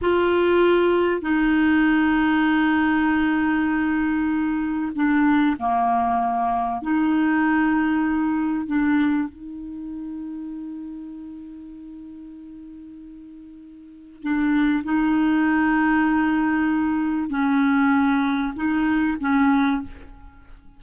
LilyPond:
\new Staff \with { instrumentName = "clarinet" } { \time 4/4 \tempo 4 = 97 f'2 dis'2~ | dis'1 | d'4 ais2 dis'4~ | dis'2 d'4 dis'4~ |
dis'1~ | dis'2. d'4 | dis'1 | cis'2 dis'4 cis'4 | }